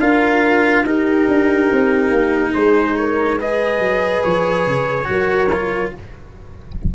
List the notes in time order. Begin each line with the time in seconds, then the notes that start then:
0.00 D4 F4 A#4 F5
0.84 D#4 G4 A#4
1.28 D4
1.72 C4
2.11 A#3
2.54 G#3 G#4 C5
2.97 A#4 C#5
3.39 G#4 B4 D#5
3.79 F#3
4.24 F3 C#5
4.67 C#3
5.05 F#3 F#4 A#4
5.53 F4